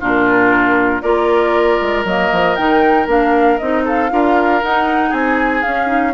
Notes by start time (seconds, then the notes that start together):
0.00 A#2 D4 F4 A#4
1.01 A#3 F4 A#4 D5
1.81 G#3
2.04 F#3 A#3 D#5
2.32 F3
2.56 D#3 D#4 G5
3.06 A#3 D4 F5
3.58 C4 D#4 D#5
3.84 A4 F5
4.10 D4 F4 A#4
4.63 D#4 F#5
5.09 C4 G#4 G#5
5.62 C#4 F5
5.86 D#4